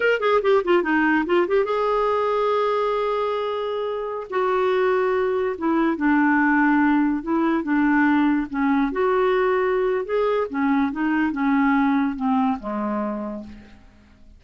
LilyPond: \new Staff \with { instrumentName = "clarinet" } { \time 4/4 \tempo 4 = 143 ais'8 gis'8 g'8 f'8 dis'4 f'8 g'8 | gis'1~ | gis'2~ gis'16 fis'4.~ fis'16~ | fis'4~ fis'16 e'4 d'4.~ d'16~ |
d'4~ d'16 e'4 d'4.~ d'16~ | d'16 cis'4 fis'2~ fis'8. | gis'4 cis'4 dis'4 cis'4~ | cis'4 c'4 gis2 | }